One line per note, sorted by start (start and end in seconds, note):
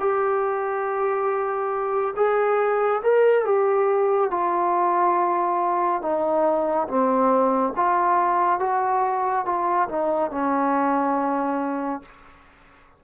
0.00 2.14 G4
2.16 3.02 G#4
3.03 3.45 A#4
3.45 4.31 G4
4.31 6.02 F4
6.02 6.88 D#4
6.88 7.74 C4
7.76 8.59 F4
8.59 9.45 F#4
9.46 9.88 F4
9.88 10.31 D#4
10.31 12.02 C#4